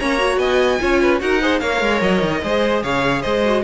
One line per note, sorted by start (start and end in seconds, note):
0.00 0.38 A#3
0.00 0.18 C#4
0.00 0.39 C#5
0.00 0.39 A#5
0.18 0.79 F#4
0.38 0.79 B3
0.38 0.80 D#5
0.38 1.20 G#5
0.80 1.21 C#4
0.80 1.20 F4
0.80 1.02 C#5
1.02 1.22 B4
1.20 1.62 D#4
1.20 1.40 F#4
1.20 1.43 A#4
1.20 1.60 F#5
1.42 1.62 G#4
1.42 1.61 C5
1.60 1.82 A#3
1.60 2.43 A#4
1.60 2.42 C#5
1.60 2.01 F5
1.82 2.02 G#3
2.02 2.22 F#3
2.02 2.83 D#5
2.22 2.43 D#3
2.43 2.84 G#3
2.43 3.44 G#4
2.43 2.84 C5
2.84 3.25 C#3
2.84 3.22 C#5
2.84 3.23 F5
3.22 3.65 G#3
3.22 3.63 C5
3.22 3.63 D#5
3.45 3.65 F#4